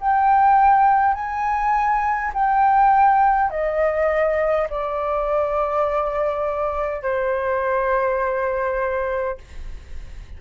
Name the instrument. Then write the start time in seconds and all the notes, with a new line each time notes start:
flute
0.00 G5
1.14 G#5
2.34 G5
3.50 D#5
4.70 D5
7.02 C5